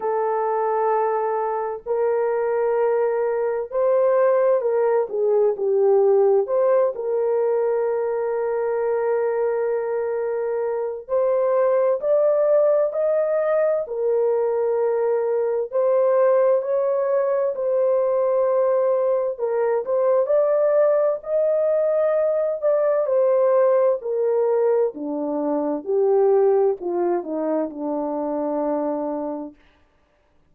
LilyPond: \new Staff \with { instrumentName = "horn" } { \time 4/4 \tempo 4 = 65 a'2 ais'2 | c''4 ais'8 gis'8 g'4 c''8 ais'8~ | ais'1 | c''4 d''4 dis''4 ais'4~ |
ais'4 c''4 cis''4 c''4~ | c''4 ais'8 c''8 d''4 dis''4~ | dis''8 d''8 c''4 ais'4 d'4 | g'4 f'8 dis'8 d'2 | }